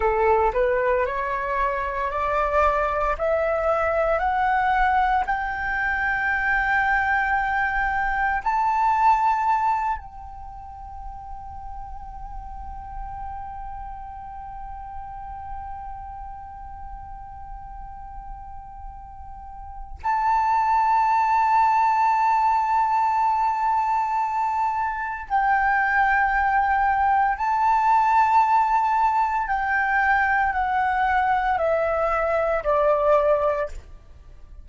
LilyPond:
\new Staff \with { instrumentName = "flute" } { \time 4/4 \tempo 4 = 57 a'8 b'8 cis''4 d''4 e''4 | fis''4 g''2. | a''4. g''2~ g''8~ | g''1~ |
g''2. a''4~ | a''1 | g''2 a''2 | g''4 fis''4 e''4 d''4 | }